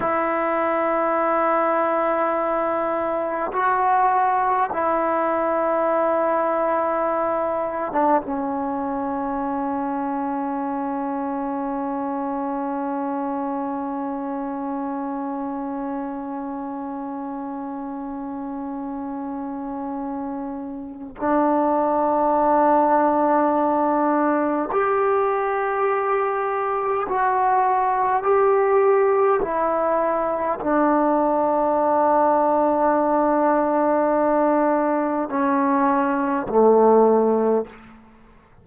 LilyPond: \new Staff \with { instrumentName = "trombone" } { \time 4/4 \tempo 4 = 51 e'2. fis'4 | e'2~ e'8. d'16 cis'4~ | cis'1~ | cis'1~ |
cis'2 d'2~ | d'4 g'2 fis'4 | g'4 e'4 d'2~ | d'2 cis'4 a4 | }